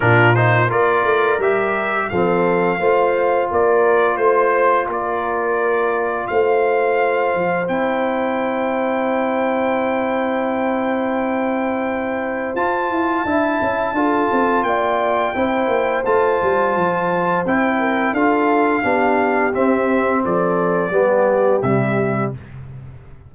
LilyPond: <<
  \new Staff \with { instrumentName = "trumpet" } { \time 4/4 \tempo 4 = 86 ais'8 c''8 d''4 e''4 f''4~ | f''4 d''4 c''4 d''4~ | d''4 f''2 g''4~ | g''1~ |
g''2 a''2~ | a''4 g''2 a''4~ | a''4 g''4 f''2 | e''4 d''2 e''4 | }
  \new Staff \with { instrumentName = "horn" } { \time 4/4 f'4 ais'2 a'4 | c''4 ais'4 c''4 ais'4~ | ais'4 c''2.~ | c''1~ |
c''2. e''4 | a'4 d''4 c''2~ | c''4. ais'8 a'4 g'4~ | g'4 a'4 g'2 | }
  \new Staff \with { instrumentName = "trombone" } { \time 4/4 d'8 dis'8 f'4 g'4 c'4 | f'1~ | f'2. e'4~ | e'1~ |
e'2 f'4 e'4 | f'2 e'4 f'4~ | f'4 e'4 f'4 d'4 | c'2 b4 g4 | }
  \new Staff \with { instrumentName = "tuba" } { \time 4/4 ais,4 ais8 a8 g4 f4 | a4 ais4 a4 ais4~ | ais4 a4. f8 c'4~ | c'1~ |
c'2 f'8 e'8 d'8 cis'8 | d'8 c'8 ais4 c'8 ais8 a8 g8 | f4 c'4 d'4 b4 | c'4 f4 g4 c4 | }
>>